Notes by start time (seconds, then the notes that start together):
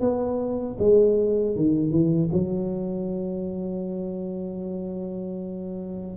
0.00 B3
0.79 G#3
1.56 D#3
1.91 E3
2.33 F#3